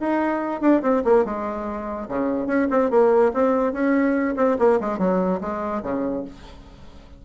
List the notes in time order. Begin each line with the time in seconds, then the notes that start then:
0.00 D#4
0.61 D4
0.82 C4
1.04 A#3
1.25 G#3
2.09 C#3
2.47 C#4
2.70 C4
2.91 A#3
3.34 C4
3.73 C#4
4.37 C4
4.59 A#3
4.80 G#3
4.98 F#3
5.41 G#3
5.83 C#3